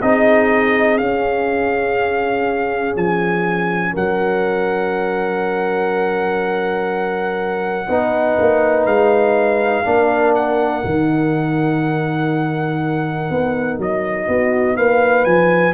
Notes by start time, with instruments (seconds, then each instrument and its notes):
0.00 tuba C4, trombone D#4, horn G#4, trumpet D#5
0.98 trombone C#4, tuba C#4, trumpet F5
2.95 tuba F3, trumpet G#5
3.92 tuba F#3, horn A#4, trumpet F#5
7.87 tuba B3, trombone D#4, horn B4
8.39 tuba A#3
8.85 tuba G#3, trumpet F5
9.84 tuba A#3, trombone D4, horn A#4
10.35 trumpet F#5
10.82 tuba D#3, trombone D#4
13.30 tuba B3
13.78 tuba F#3, trumpet D#5
14.27 tuba B3, horn F#4
14.76 tuba A#3, horn B4, trumpet F5
15.24 tuba F3, trumpet G#5